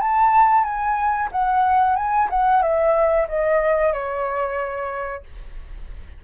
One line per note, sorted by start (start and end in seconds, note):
0.00 0.64 A5
0.64 1.29 G#5
1.32 1.96 F#5
1.96 2.29 G#5
2.30 2.62 F#5
2.62 3.28 E5
3.28 3.93 D#5
3.93 5.23 C#5